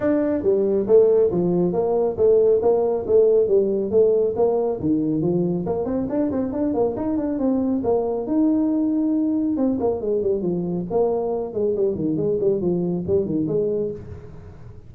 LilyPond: \new Staff \with { instrumentName = "tuba" } { \time 4/4 \tempo 4 = 138 d'4 g4 a4 f4 | ais4 a4 ais4 a4 | g4 a4 ais4 dis4 | f4 ais8 c'8 d'8 c'8 d'8 ais8 |
dis'8 d'8 c'4 ais4 dis'4~ | dis'2 c'8 ais8 gis8 g8 | f4 ais4. gis8 g8 dis8 | gis8 g8 f4 g8 dis8 gis4 | }